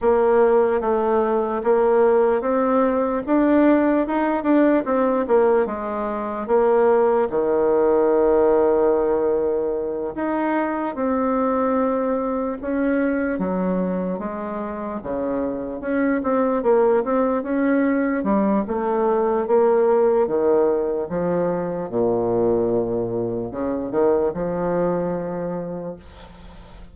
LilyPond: \new Staff \with { instrumentName = "bassoon" } { \time 4/4 \tempo 4 = 74 ais4 a4 ais4 c'4 | d'4 dis'8 d'8 c'8 ais8 gis4 | ais4 dis2.~ | dis8 dis'4 c'2 cis'8~ |
cis'8 fis4 gis4 cis4 cis'8 | c'8 ais8 c'8 cis'4 g8 a4 | ais4 dis4 f4 ais,4~ | ais,4 cis8 dis8 f2 | }